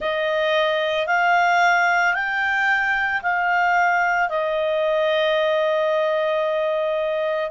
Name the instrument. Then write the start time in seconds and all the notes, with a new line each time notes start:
clarinet
0.00 D#5
1.07 F5
2.14 G5
3.22 F5
4.29 D#5